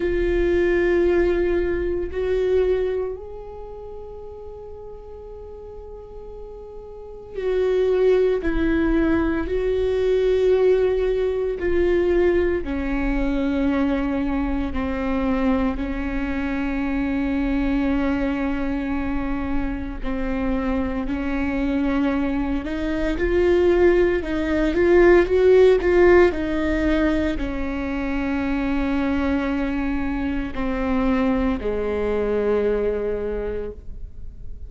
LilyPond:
\new Staff \with { instrumentName = "viola" } { \time 4/4 \tempo 4 = 57 f'2 fis'4 gis'4~ | gis'2. fis'4 | e'4 fis'2 f'4 | cis'2 c'4 cis'4~ |
cis'2. c'4 | cis'4. dis'8 f'4 dis'8 f'8 | fis'8 f'8 dis'4 cis'2~ | cis'4 c'4 gis2 | }